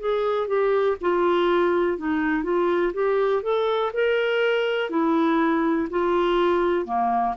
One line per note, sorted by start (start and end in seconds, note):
0.00 0.47 G#4
0.47 0.97 G4
1.01 1.98 F4
1.98 2.43 D#4
2.43 2.92 F4
2.94 3.42 G4
3.42 3.92 A4
3.93 4.90 A#4
4.90 5.88 E4
5.90 6.85 F4
6.85 7.35 A#3